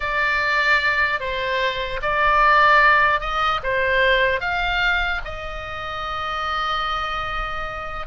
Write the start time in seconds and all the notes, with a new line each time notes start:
0.00 D5
1.20 C5
2.02 D5
3.20 D#5
3.63 C5
4.40 F5
5.25 D#5